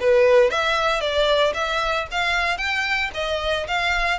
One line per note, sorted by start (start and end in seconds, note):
0.00 0.50 B4
0.50 1.00 E5
1.00 1.53 D5
1.54 2.07 E5
2.11 2.58 F5
2.58 3.10 G5
3.14 3.67 D#5
3.67 4.19 F5